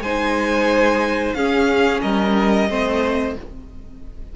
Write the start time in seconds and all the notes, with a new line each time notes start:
0.00 G#3 D#4 C5 G#5
1.34 C#4 G#4 F5
2.02 G3 A#4 D#5
2.69 A3 C4 C5